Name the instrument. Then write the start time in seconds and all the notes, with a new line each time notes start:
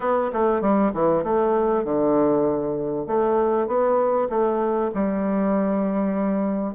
bassoon
0.00 B3
0.32 A3
0.61 G3
0.93 E3
1.23 A3
1.84 D3
3.06 A3
3.67 B3
4.29 A3
4.94 G3